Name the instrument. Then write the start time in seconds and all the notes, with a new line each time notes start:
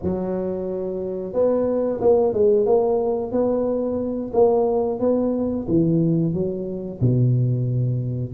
tuba
0.02 F#3
1.33 B3
2.00 A#3
2.33 G#3
2.65 A#3
3.31 B3
4.33 A#3
4.99 B3
5.68 E3
6.33 F#3
7.01 B2